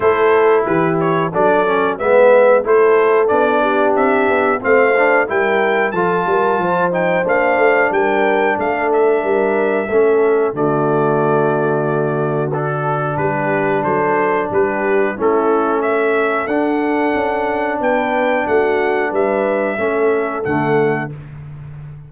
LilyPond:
<<
  \new Staff \with { instrumentName = "trumpet" } { \time 4/4 \tempo 4 = 91 c''4 b'8 cis''8 d''4 e''4 | c''4 d''4 e''4 f''4 | g''4 a''4. g''8 f''4 | g''4 f''8 e''2~ e''8 |
d''2. a'4 | b'4 c''4 b'4 a'4 | e''4 fis''2 g''4 | fis''4 e''2 fis''4 | }
  \new Staff \with { instrumentName = "horn" } { \time 4/4 a'4 g'4 a'4 b'4 | a'4. g'4. c''4 | ais'4 a'8 ais'8 c''2 | ais'4 a'4 ais'4 a'4 |
fis'1 | g'4 a'4 g'4 e'4 | a'2. b'4 | fis'4 b'4 a'2 | }
  \new Staff \with { instrumentName = "trombone" } { \time 4/4 e'2 d'8 cis'8 b4 | e'4 d'2 c'8 d'8 | e'4 f'4. dis'8 d'4~ | d'2. cis'4 |
a2. d'4~ | d'2. cis'4~ | cis'4 d'2.~ | d'2 cis'4 a4 | }
  \new Staff \with { instrumentName = "tuba" } { \time 4/4 a4 e4 fis4 gis4 | a4 b4 c'8 b8 a4 | g4 f8 g8 f4 ais8 a8 | g4 a4 g4 a4 |
d1 | g4 fis4 g4 a4~ | a4 d'4 cis'4 b4 | a4 g4 a4 d4 | }
>>